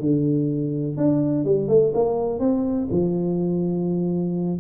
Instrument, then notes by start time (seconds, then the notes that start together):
tuba
0.00 D3
0.97 D4
1.45 G3
1.68 A3
1.94 A#3
2.39 C4
2.91 F3